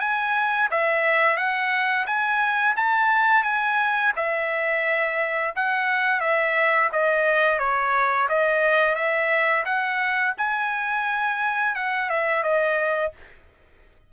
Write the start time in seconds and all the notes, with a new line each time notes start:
0.00 G#5
0.71 E5
1.37 F#5
2.06 G#5
2.76 A5
3.43 G#5
4.16 E5
5.55 F#5
6.20 E5
6.92 D#5
7.59 C#5
8.29 D#5
8.95 E5
9.65 F#5
10.37 G#5
11.75 F#5
12.09 E5
12.43 D#5